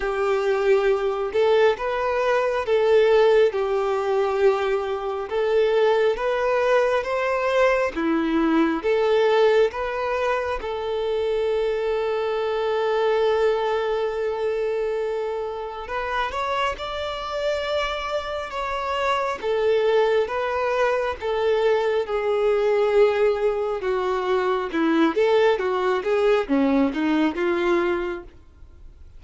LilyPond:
\new Staff \with { instrumentName = "violin" } { \time 4/4 \tempo 4 = 68 g'4. a'8 b'4 a'4 | g'2 a'4 b'4 | c''4 e'4 a'4 b'4 | a'1~ |
a'2 b'8 cis''8 d''4~ | d''4 cis''4 a'4 b'4 | a'4 gis'2 fis'4 | e'8 a'8 fis'8 gis'8 cis'8 dis'8 f'4 | }